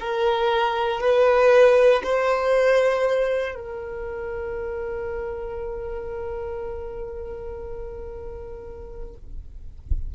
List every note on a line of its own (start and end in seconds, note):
0.00 1.00 A#4
1.00 2.02 B4
2.03 3.55 C5
3.55 9.14 A#4